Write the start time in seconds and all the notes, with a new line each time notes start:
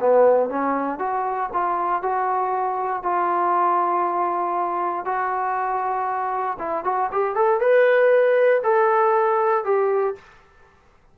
0.00 B3
0.49 C#4
0.99 F#4
1.53 F4
2.02 F#4
3.03 F4
5.05 F#4
6.59 E4
6.85 F#4
7.12 G4
7.35 A4
7.60 B4
8.63 A4
9.64 G4